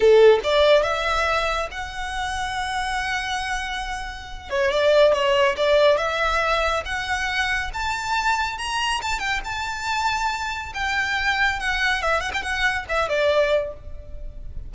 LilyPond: \new Staff \with { instrumentName = "violin" } { \time 4/4 \tempo 4 = 140 a'4 d''4 e''2 | fis''1~ | fis''2~ fis''8 cis''8 d''4 | cis''4 d''4 e''2 |
fis''2 a''2 | ais''4 a''8 g''8 a''2~ | a''4 g''2 fis''4 | e''8 fis''16 g''16 fis''4 e''8 d''4. | }